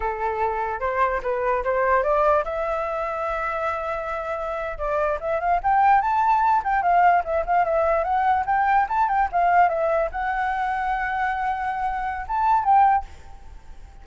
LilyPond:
\new Staff \with { instrumentName = "flute" } { \time 4/4 \tempo 4 = 147 a'2 c''4 b'4 | c''4 d''4 e''2~ | e''2.~ e''8. d''16~ | d''8. e''8 f''8 g''4 a''4~ a''16~ |
a''16 g''8 f''4 e''8 f''8 e''4 fis''16~ | fis''8. g''4 a''8 g''8 f''4 e''16~ | e''8. fis''2.~ fis''16~ | fis''2 a''4 g''4 | }